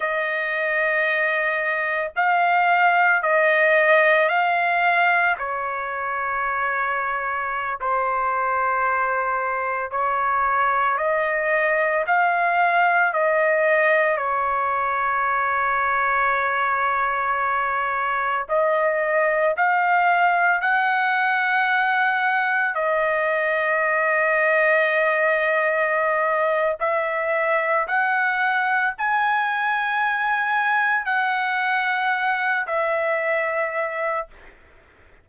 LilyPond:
\new Staff \with { instrumentName = "trumpet" } { \time 4/4 \tempo 4 = 56 dis''2 f''4 dis''4 | f''4 cis''2~ cis''16 c''8.~ | c''4~ c''16 cis''4 dis''4 f''8.~ | f''16 dis''4 cis''2~ cis''8.~ |
cis''4~ cis''16 dis''4 f''4 fis''8.~ | fis''4~ fis''16 dis''2~ dis''8.~ | dis''4 e''4 fis''4 gis''4~ | gis''4 fis''4. e''4. | }